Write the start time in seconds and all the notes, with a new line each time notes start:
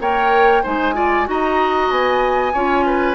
0.00 A#3 A#4 C#5 G5
0.63 G#3 D#4 C5 G#5
0.93 F4 D5
1.25 D#4 F#4 D#5 A#5
1.90 B3 G#5
2.53 C#4 F4 C#5
2.86 B4